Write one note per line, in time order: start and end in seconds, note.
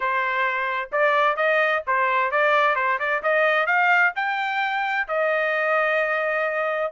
0.00 0.89 C5
0.92 1.36 D5
1.36 1.82 D#5
1.86 2.31 C5
2.31 2.75 D5
2.75 2.98 C5
2.99 3.22 D5
3.23 3.66 D#5
3.66 4.12 F5
4.15 5.07 G5
5.07 6.92 D#5